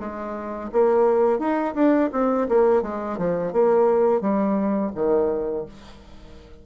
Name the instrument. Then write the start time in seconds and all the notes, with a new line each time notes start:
bassoon
0.00 G#3
0.72 A#3
1.39 D#4
1.75 D4
2.12 C4
2.49 A#3
2.82 G#3
3.18 F3
3.53 A#3
4.21 G3
4.95 D#3